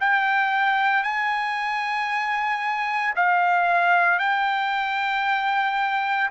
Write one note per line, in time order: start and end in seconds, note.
0.00 1.03 G5
1.03 3.13 G#5
3.15 4.19 F5
4.19 6.29 G5